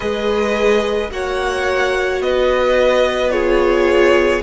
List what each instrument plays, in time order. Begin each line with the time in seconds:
0.00 cello G#3, viola G#4, violin B4 D#5
1.10 cello A#3, viola F#4, violin C#5 F#5
2.20 cello B3, violin B4 D#5
3.30 viola F4, violin G#4 C#5